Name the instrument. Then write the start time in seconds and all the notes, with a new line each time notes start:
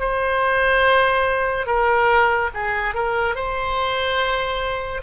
oboe
0.00 C5
1.67 A#4
2.55 G#4
2.95 A#4
3.35 C5